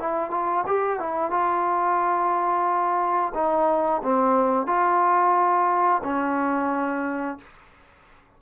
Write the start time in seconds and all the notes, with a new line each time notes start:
0.00 E4
0.31 F4
0.67 G4
1.00 E4
1.31 F4
3.35 D#4
4.04 C4
4.67 F4
6.04 C#4